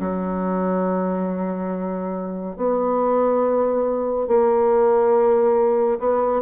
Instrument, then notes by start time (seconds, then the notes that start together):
bassoon
0.00 F#3
2.56 B3
4.28 A#3
6.00 B3